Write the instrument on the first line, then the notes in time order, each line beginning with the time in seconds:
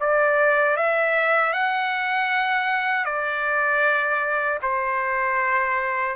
trumpet
0.00 D5
0.77 E5
1.53 F#5
3.05 D5
4.62 C5